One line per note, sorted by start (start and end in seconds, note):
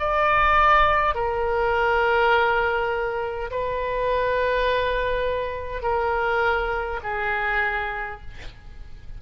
0.00 1.15 D5
1.15 3.50 A#4
3.51 5.82 B4
5.82 7.00 A#4
7.03 8.21 G#4